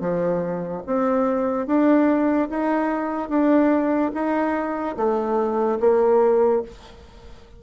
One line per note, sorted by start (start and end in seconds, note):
0.00 0.82 F3
0.86 1.66 C4
1.66 2.48 D4
2.49 3.29 D#4
3.29 4.11 D4
4.14 4.96 D#4
4.96 5.78 A3
5.80 6.62 A#3